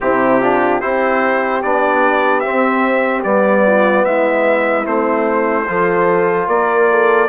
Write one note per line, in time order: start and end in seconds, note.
0.01 0.82 C3
0.01 0.41 C4
0.01 0.41 E4
0.01 0.81 G4
0.41 0.81 D4
0.41 0.80 F4
0.80 1.63 C4
0.80 1.62 E4
0.80 3.64 G4
0.80 1.62 C5
1.62 2.44 B3
1.62 2.43 D4
1.62 2.40 D5
2.40 3.23 C4
2.40 3.24 C4
2.40 3.21 E5
3.23 4.05 G3
3.23 4.84 B3
3.23 4.04 D5
3.66 4.05 F4
4.04 4.86 G#3
4.04 5.68 E4
4.04 4.85 E5
4.84 5.67 A3
4.84 5.65 C4
4.84 6.48 C5
5.67 6.47 F3
5.67 7.28 F4
5.67 6.47 A4
6.47 7.28 A#3
6.47 6.87 A#4
6.47 7.28 D5
6.90 7.28 A4